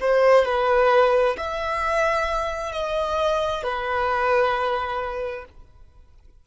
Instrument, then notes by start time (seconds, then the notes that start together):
violin
0.00 C5
0.45 B4
1.37 E5
2.72 D#5
3.63 B4